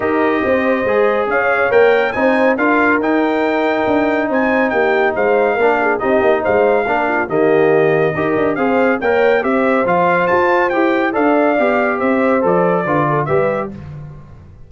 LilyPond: <<
  \new Staff \with { instrumentName = "trumpet" } { \time 4/4 \tempo 4 = 140 dis''2. f''4 | g''4 gis''4 f''4 g''4~ | g''2 gis''4 g''4 | f''2 dis''4 f''4~ |
f''4 dis''2. | f''4 g''4 e''4 f''4 | a''4 g''4 f''2 | e''4 d''2 e''4 | }
  \new Staff \with { instrumentName = "horn" } { \time 4/4 ais'4 c''2 cis''4~ | cis''4 c''4 ais'2~ | ais'2 c''4 g'4 | c''4 ais'8 gis'8 g'4 c''4 |
ais'8 f'8 g'2 ais'4 | c''4 cis''4 c''2~ | c''2 d''2 | c''2 b'8 a'8 b'4 | }
  \new Staff \with { instrumentName = "trombone" } { \time 4/4 g'2 gis'2 | ais'4 dis'4 f'4 dis'4~ | dis'1~ | dis'4 d'4 dis'2 |
d'4 ais2 g'4 | gis'4 ais'4 g'4 f'4~ | f'4 g'4 a'4 g'4~ | g'4 a'4 f'4 g'4 | }
  \new Staff \with { instrumentName = "tuba" } { \time 4/4 dis'4 c'4 gis4 cis'4 | ais4 c'4 d'4 dis'4~ | dis'4 d'4 c'4 ais4 | gis4 ais4 c'8 ais8 gis4 |
ais4 dis2 dis'8 d'8 | c'4 ais4 c'4 f4 | f'4 e'4 d'4 b4 | c'4 f4 d4 g4 | }
>>